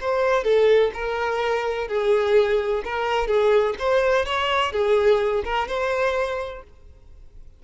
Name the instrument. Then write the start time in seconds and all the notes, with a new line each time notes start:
violin
0.00 C5
0.44 A4
0.94 A#4
1.87 G#4
2.84 A#4
3.27 G#4
3.79 C5
4.25 C#5
4.72 G#4
5.44 A#4
5.68 C5